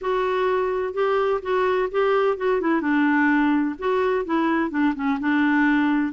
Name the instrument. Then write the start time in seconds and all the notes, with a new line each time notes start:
clarinet
0.01 F#4
0.93 G4
1.42 F#4
1.91 G4
2.37 F#4
2.60 E4
2.81 D4
3.78 F#4
4.25 E4
4.70 D4
4.95 C#4
5.19 D4